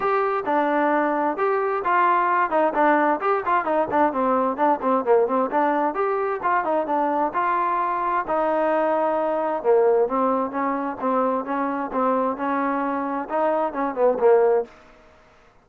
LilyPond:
\new Staff \with { instrumentName = "trombone" } { \time 4/4 \tempo 4 = 131 g'4 d'2 g'4 | f'4. dis'8 d'4 g'8 f'8 | dis'8 d'8 c'4 d'8 c'8 ais8 c'8 | d'4 g'4 f'8 dis'8 d'4 |
f'2 dis'2~ | dis'4 ais4 c'4 cis'4 | c'4 cis'4 c'4 cis'4~ | cis'4 dis'4 cis'8 b8 ais4 | }